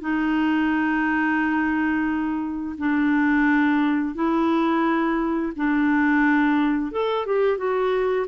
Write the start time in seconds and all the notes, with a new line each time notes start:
0.00 D#4
2.77 D4
4.14 E4
5.55 D4
6.91 A4
7.26 G4
7.57 F#4